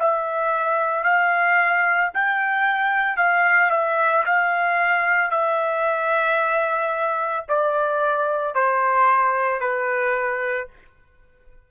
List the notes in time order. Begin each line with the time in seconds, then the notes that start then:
0.00 E5
1.04 F5
2.14 G5
3.17 F5
3.71 E5
4.26 F5
5.31 E5
7.49 D5
8.55 C5
9.61 B4